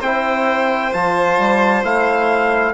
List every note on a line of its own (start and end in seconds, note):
0.00 0.93 C4
0.00 0.93 E4
0.00 2.73 C5
0.00 0.93 G5
0.93 1.39 F3
0.93 1.84 F4
0.93 1.85 A5
1.39 1.84 G3
1.84 2.74 A3
1.84 2.74 E4
1.84 2.74 F5